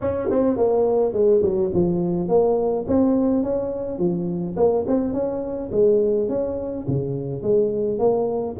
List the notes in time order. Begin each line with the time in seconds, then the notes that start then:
0.01 C#4
0.30 C4
0.56 A#3
1.12 G#3
1.42 F#3
1.74 F3
2.28 A#3
2.87 C4
3.43 C#4
3.98 F3
4.56 A#3
4.87 C4
5.13 C#4
5.71 G#3
6.28 C#4
6.87 C#3
7.42 G#3
7.98 A#3